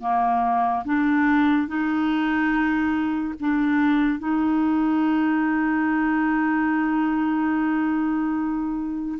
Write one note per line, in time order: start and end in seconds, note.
0.00 0.83 A#3
0.84 1.67 D4
1.67 3.34 D#4
3.40 4.18 D4
4.18 9.18 D#4